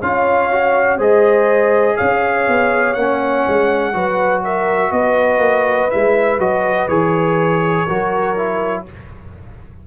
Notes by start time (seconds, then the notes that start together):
0.00 C#4 F4 C#5 F5
0.51 F#4
0.97 G#3 G#4 C5 D#5
1.97 C#4 C#5 F5
2.47 B3
2.93 A#3 C#4 F#5
3.47 G#3
3.93 F#3 F#4 B4
4.43 A#4 E5
4.91 B3 B4 D#5
5.38 A#3
5.90 G#3 E4 E5
6.38 F#3 F#4 D#5
6.88 E3 G#4 C#5
7.85 F#3 F#4 A#4
8.36 E4